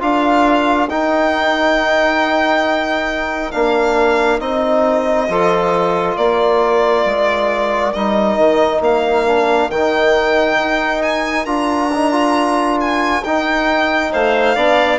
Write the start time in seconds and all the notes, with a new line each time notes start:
0.00 D4 F4 A#4 F5
0.89 D#4 G5
3.51 A#3 D4 F5
4.40 C4 D#4 D#5
5.28 F3 F4 A4
6.16 A#3 A#4 D5
7.05 G#3
7.93 G3 D#4 D#5
8.38 D#3
8.81 A#3 F5
9.27 D4
9.70 D#3 D#4 G5
10.58 D#4
11.02 G#5
11.45 D4 F4 A#5
11.94 D#4
12.12 F4
12.81 G#5
13.24 D#4 G5
14.12 A3 C5 F5
14.55 B3 D4 D5